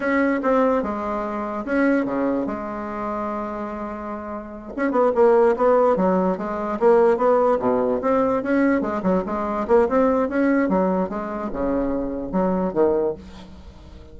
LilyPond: \new Staff \with { instrumentName = "bassoon" } { \time 4/4 \tempo 4 = 146 cis'4 c'4 gis2 | cis'4 cis4 gis2~ | gis2.~ gis8 cis'8 | b8 ais4 b4 fis4 gis8~ |
gis8 ais4 b4 b,4 c'8~ | c'8 cis'4 gis8 fis8 gis4 ais8 | c'4 cis'4 fis4 gis4 | cis2 fis4 dis4 | }